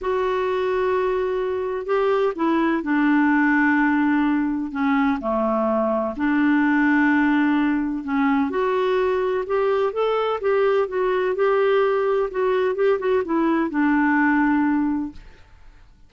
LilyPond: \new Staff \with { instrumentName = "clarinet" } { \time 4/4 \tempo 4 = 127 fis'1 | g'4 e'4 d'2~ | d'2 cis'4 a4~ | a4 d'2.~ |
d'4 cis'4 fis'2 | g'4 a'4 g'4 fis'4 | g'2 fis'4 g'8 fis'8 | e'4 d'2. | }